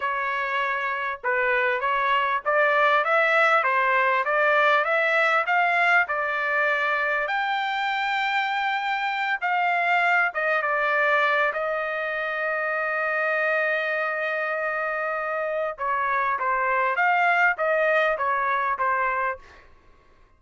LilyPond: \new Staff \with { instrumentName = "trumpet" } { \time 4/4 \tempo 4 = 99 cis''2 b'4 cis''4 | d''4 e''4 c''4 d''4 | e''4 f''4 d''2 | g''2.~ g''8 f''8~ |
f''4 dis''8 d''4. dis''4~ | dis''1~ | dis''2 cis''4 c''4 | f''4 dis''4 cis''4 c''4 | }